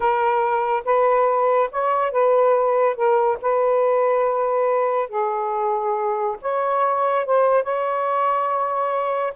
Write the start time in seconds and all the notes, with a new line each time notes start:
0.00 A#4
0.85 B4
1.71 C#5
2.11 B4
2.95 A#4
3.41 B4
5.09 G#4
6.41 C#5
7.25 C5
7.63 C#5